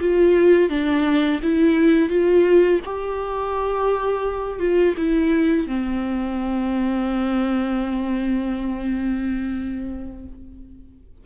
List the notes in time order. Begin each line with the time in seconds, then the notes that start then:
0.00 F4
0.69 D4
1.43 E4
2.10 F4
2.85 G4
4.59 F4
4.97 E4
5.67 C4